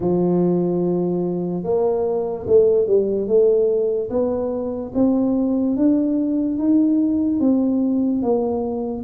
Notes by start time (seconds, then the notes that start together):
0.00 F3
1.63 A#3
2.47 A3
2.87 G3
3.27 A3
4.09 B3
4.94 C4
5.76 D4
6.58 D#4
7.40 C4
8.22 A#3